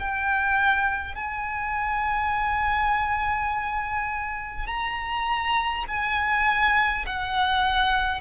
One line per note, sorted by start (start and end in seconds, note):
0.00 1.16 G5
1.16 4.67 G#5
4.67 5.85 A#5
5.88 7.06 G#5
7.06 8.21 F#5